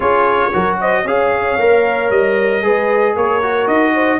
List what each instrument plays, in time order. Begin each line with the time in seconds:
0.00 tuba C#4, trombone F4, horn G#4, trumpet C#5
0.53 tuba F#3, trombone F#4, horn A#4
0.80 horn C5, trumpet D#5
1.04 tuba C#4, trombone G#4, horn C#5, trumpet F5
1.58 tuba A#3, trombone A#4
2.10 tuba G3, trumpet D#5
2.62 tuba G#3, trombone G#4, horn B4
3.14 tuba A#3, horn A#4, trumpet C#5
3.42 trombone F#4
3.67 tuba D#4, trumpet D#5
3.94 horn C5